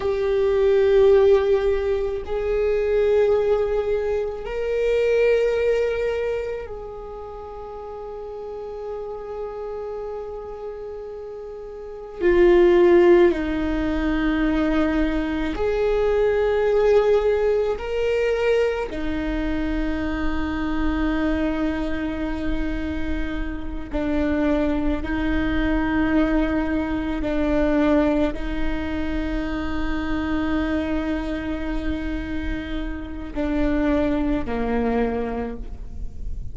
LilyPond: \new Staff \with { instrumentName = "viola" } { \time 4/4 \tempo 4 = 54 g'2 gis'2 | ais'2 gis'2~ | gis'2. f'4 | dis'2 gis'2 |
ais'4 dis'2.~ | dis'4. d'4 dis'4.~ | dis'8 d'4 dis'2~ dis'8~ | dis'2 d'4 ais4 | }